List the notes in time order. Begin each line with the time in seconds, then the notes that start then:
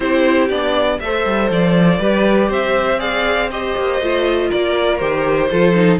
0.00 C4 E4 G4 C5
0.49 B3 D4 D5
1.00 A3 A4 C5 E5
1.25 G3
1.50 F3 D5
1.99 G3 G4 B4
2.48 C4 C5 E5
2.98 G#4 D5 F5
3.50 G4 C5 D#5
3.76 A#3
4.00 A3 F4
4.49 A#3 A#4 D5
4.98 D#3 G4 C5
5.50 F3 F4 A4
5.74 D#4